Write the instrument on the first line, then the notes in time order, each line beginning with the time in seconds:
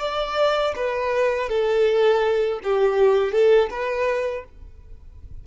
violin
0.00 D5
0.76 B4
1.49 A4
2.63 G4
3.32 A4
3.70 B4